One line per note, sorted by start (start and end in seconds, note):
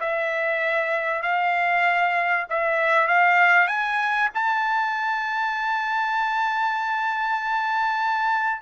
0.00 1.23 E5
1.23 2.46 F5
2.50 3.08 E5
3.08 3.68 F5
3.68 4.30 G#5
4.34 8.62 A5